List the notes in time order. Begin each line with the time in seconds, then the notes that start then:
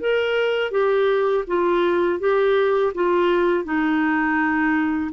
0.00 A#4
0.71 G4
1.47 F4
2.20 G4
2.94 F4
3.64 D#4